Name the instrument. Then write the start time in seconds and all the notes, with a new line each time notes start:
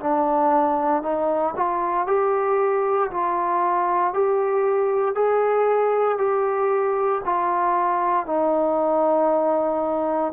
trombone
0.00 D4
1.03 D#4
1.56 F4
2.07 G4
3.11 F4
4.14 G4
5.15 G#4
6.18 G4
7.25 F4
8.26 D#4